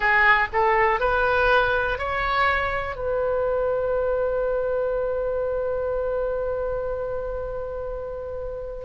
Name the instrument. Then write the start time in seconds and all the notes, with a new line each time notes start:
oboe
0.00 G#4
0.52 A4
1.00 B4
1.98 C#5
2.95 B4